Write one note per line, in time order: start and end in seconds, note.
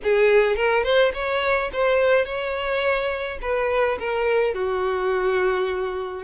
0.03 0.56 G#4
0.56 0.83 A#4
0.83 1.12 C5
1.13 1.70 C#5
1.72 2.25 C5
2.25 3.38 C#5
3.41 3.98 B4
3.99 4.54 A#4
4.54 6.23 F#4